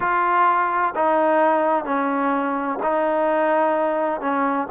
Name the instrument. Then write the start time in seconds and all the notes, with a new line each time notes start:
trombone
0.00 F4
0.95 D#4
1.85 C#4
2.82 D#4
4.20 C#4